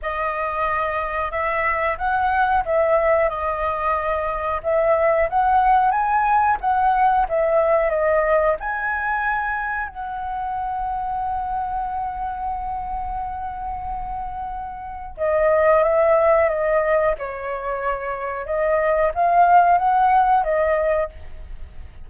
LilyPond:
\new Staff \with { instrumentName = "flute" } { \time 4/4 \tempo 4 = 91 dis''2 e''4 fis''4 | e''4 dis''2 e''4 | fis''4 gis''4 fis''4 e''4 | dis''4 gis''2 fis''4~ |
fis''1~ | fis''2. dis''4 | e''4 dis''4 cis''2 | dis''4 f''4 fis''4 dis''4 | }